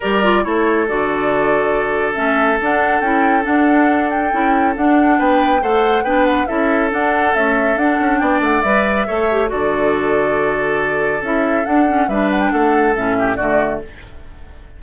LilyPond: <<
  \new Staff \with { instrumentName = "flute" } { \time 4/4 \tempo 4 = 139 d''4 cis''4 d''2~ | d''4 e''4 fis''4 g''4 | fis''4. g''4. fis''4 | g''4 fis''4 g''8 fis''8 e''4 |
fis''4 e''4 fis''4 g''8 fis''8 | e''2 d''2~ | d''2 e''4 fis''4 | e''8 fis''16 g''16 fis''4 e''4 d''4 | }
  \new Staff \with { instrumentName = "oboe" } { \time 4/4 ais'4 a'2.~ | a'1~ | a'1 | b'4 c''4 b'4 a'4~ |
a'2. d''4~ | d''4 cis''4 a'2~ | a'1 | b'4 a'4. g'8 fis'4 | }
  \new Staff \with { instrumentName = "clarinet" } { \time 4/4 g'8 f'8 e'4 fis'2~ | fis'4 cis'4 d'4 e'4 | d'2 e'4 d'4~ | d'4 a'4 d'4 e'4 |
d'4 a4 d'2 | b'4 a'8 g'8 fis'2~ | fis'2 e'4 d'8 cis'8 | d'2 cis'4 a4 | }
  \new Staff \with { instrumentName = "bassoon" } { \time 4/4 g4 a4 d2~ | d4 a4 d'4 cis'4 | d'2 cis'4 d'4 | b4 a4 b4 cis'4 |
d'4 cis'4 d'8 cis'8 b8 a8 | g4 a4 d2~ | d2 cis'4 d'4 | g4 a4 a,4 d4 | }
>>